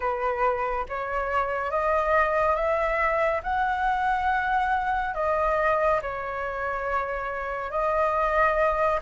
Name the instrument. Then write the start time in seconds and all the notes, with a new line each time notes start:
flute
0.00 B4
0.88 C#5
1.70 D#5
2.55 E5
3.43 F#5
5.14 D#5
6.02 C#5
7.71 D#5